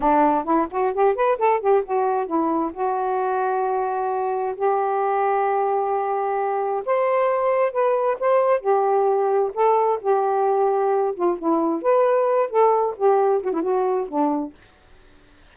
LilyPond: \new Staff \with { instrumentName = "saxophone" } { \time 4/4 \tempo 4 = 132 d'4 e'8 fis'8 g'8 b'8 a'8 g'8 | fis'4 e'4 fis'2~ | fis'2 g'2~ | g'2. c''4~ |
c''4 b'4 c''4 g'4~ | g'4 a'4 g'2~ | g'8 f'8 e'4 b'4. a'8~ | a'8 g'4 fis'16 e'16 fis'4 d'4 | }